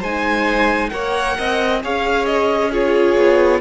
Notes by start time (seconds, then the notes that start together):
0.00 G#3 D#4 C5 G#5
0.90 A#3 A#4 C#5 F#5
1.38 C4 D#5
1.83 C#4 G#4 C#5 F5
2.26 D#5
2.72 F4 G#4 C#5
3.17 B3